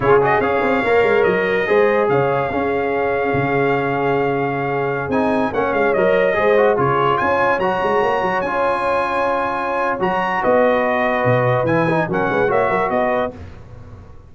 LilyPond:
<<
  \new Staff \with { instrumentName = "trumpet" } { \time 4/4 \tempo 4 = 144 cis''8 dis''8 f''2 dis''4~ | dis''4 f''2.~ | f''1~ | f''16 gis''4 fis''8 f''8 dis''4.~ dis''16~ |
dis''16 cis''4 gis''4 ais''4.~ ais''16~ | ais''16 gis''2.~ gis''8. | ais''4 dis''2. | gis''4 fis''4 e''4 dis''4 | }
  \new Staff \with { instrumentName = "horn" } { \time 4/4 gis'4 cis''2. | c''4 cis''4 gis'2~ | gis'1~ | gis'4~ gis'16 cis''2 c''8.~ |
c''16 gis'4 cis''2~ cis''8.~ | cis''1~ | cis''4 b'2.~ | b'4 ais'8 b'8 cis''8 ais'8 b'4 | }
  \new Staff \with { instrumentName = "trombone" } { \time 4/4 f'8 fis'8 gis'4 ais'2 | gis'2 cis'2~ | cis'1~ | cis'16 dis'4 cis'4 ais'4 gis'8 fis'16~ |
fis'16 f'2 fis'4.~ fis'16~ | fis'16 f'2.~ f'8. | fis'1 | e'8 dis'8 cis'4 fis'2 | }
  \new Staff \with { instrumentName = "tuba" } { \time 4/4 cis4 cis'8 c'8 ais8 gis8 fis4 | gis4 cis4 cis'2 | cis1~ | cis16 c'4 ais8 gis8 fis4 gis8.~ |
gis16 cis4 cis'4 fis8 gis8 ais8 fis16~ | fis16 cis'2.~ cis'8. | fis4 b2 b,4 | e4 fis8 gis8 ais8 fis8 b4 | }
>>